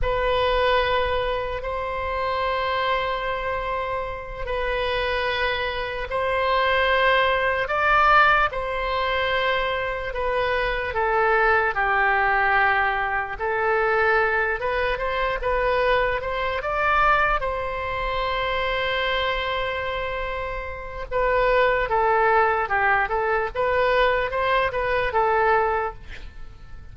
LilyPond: \new Staff \with { instrumentName = "oboe" } { \time 4/4 \tempo 4 = 74 b'2 c''2~ | c''4. b'2 c''8~ | c''4. d''4 c''4.~ | c''8 b'4 a'4 g'4.~ |
g'8 a'4. b'8 c''8 b'4 | c''8 d''4 c''2~ c''8~ | c''2 b'4 a'4 | g'8 a'8 b'4 c''8 b'8 a'4 | }